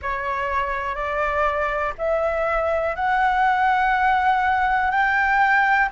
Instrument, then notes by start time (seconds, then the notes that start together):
flute
0.01 C#5
0.95 D5
1.98 E5
2.95 F#5
4.90 G5